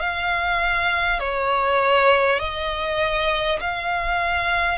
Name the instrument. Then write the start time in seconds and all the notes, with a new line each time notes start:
violin
0.00 F5
1.19 C#5
2.39 D#5
3.61 F5